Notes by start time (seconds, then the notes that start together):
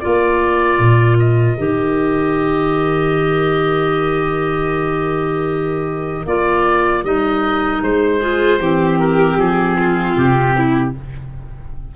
0.00 A#3 F4 A#4 D5
0.79 A#2
1.19 D#5
1.58 D#3 G4
6.26 A#3 F4 D5
7.03 G3 D#4 D#5
7.82 G#3 C5
8.20 F4 G#4
8.59 E3 C4 G4
8.99 A#4
9.37 F3 G#4
9.79 F4
10.17 C3 G4
10.57 E4